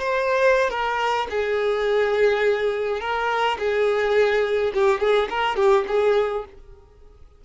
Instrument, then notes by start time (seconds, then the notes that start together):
violin
0.00 C5
0.70 A#4
1.30 G#4
3.01 A#4
3.59 G#4
4.75 G4
5.00 G#4
5.30 A#4
5.57 G4
5.88 G#4